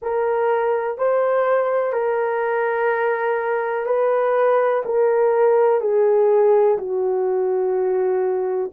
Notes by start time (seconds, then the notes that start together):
0.02 A#4
0.98 C5
1.93 A#4
3.86 B4
4.85 A#4
5.80 G#4
6.77 F#4